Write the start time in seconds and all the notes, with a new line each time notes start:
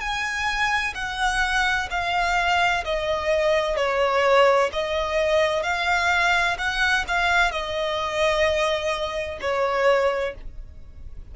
0.00 G#5
0.95 F#5
1.90 F5
2.85 D#5
3.76 C#5
4.73 D#5
5.63 F5
6.58 F#5
7.08 F5
7.51 D#5
9.41 C#5